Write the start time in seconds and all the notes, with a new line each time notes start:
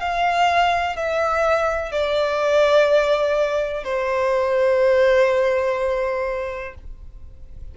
0.00 F5
0.96 E5
1.92 D5
3.84 C5